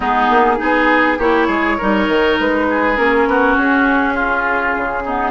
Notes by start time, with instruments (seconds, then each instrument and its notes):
0.00 bassoon G#3, clarinet B3, oboe D#4, flute G#4
0.29 bassoon A#3
0.58 bassoon B3, clarinet D#4, oboe G#4
1.18 bassoon A#3, clarinet E4, oboe G4, flute C#5
1.47 bassoon G#3, oboe G#4
1.77 bassoon G3, clarinet D#4, oboe A#4
2.08 bassoon D#3
2.39 bassoon G#3, flute B4
2.69 oboe G#4
2.96 bassoon A#3, clarinet C#4, flute A#4
3.26 bassoon B3, oboe F#4
3.56 bassoon C#4, flute G#4
4.13 oboe F4
4.76 bassoon C#3
5.05 clarinet B3, oboe D#4